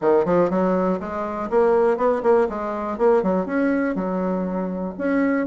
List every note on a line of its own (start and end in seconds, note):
0.01 0.25 D#3
0.25 0.50 F3
0.50 0.99 F#3
1.00 1.49 G#3
1.49 1.97 A#3
1.97 2.22 B3
2.22 2.47 A#3
2.49 2.98 G#3
2.98 3.22 A#3
3.22 3.46 F#3
3.46 3.95 C#4
3.95 4.94 F#3
4.97 5.46 C#4